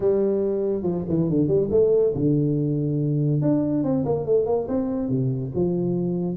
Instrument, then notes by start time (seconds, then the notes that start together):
tuba
0.00 G3
0.83 F3
1.09 E3
1.29 D3
1.47 G3
1.70 A3
2.14 D3
3.41 D4
3.83 C4
4.05 A#3
4.25 A3
4.46 A#3
4.68 C4
5.09 C3
5.54 F3